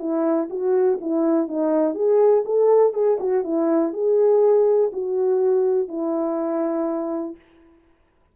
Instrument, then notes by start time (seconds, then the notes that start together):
horn
0.00 E4
0.51 F#4
1.01 E4
1.48 D#4
1.95 G#4
2.46 A4
2.94 G#4
3.20 F#4
3.44 E4
3.93 G#4
4.93 F#4
5.89 E4